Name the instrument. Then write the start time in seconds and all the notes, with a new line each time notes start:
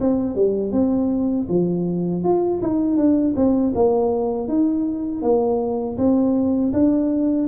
tuba
0.00 C4
0.35 G3
0.72 C4
1.48 F3
2.23 F4
2.61 D#4
2.97 D4
3.35 C4
3.74 A#3
4.48 D#4
5.22 A#3
5.97 C4
6.73 D4